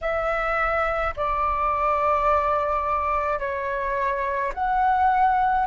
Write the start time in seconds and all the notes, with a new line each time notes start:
0.01 E5
1.16 D5
3.39 C#5
4.53 F#5